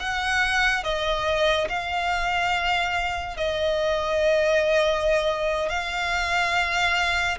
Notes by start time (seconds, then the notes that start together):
0.00 F#5
0.84 D#5
1.69 F5
3.37 D#5
5.69 F5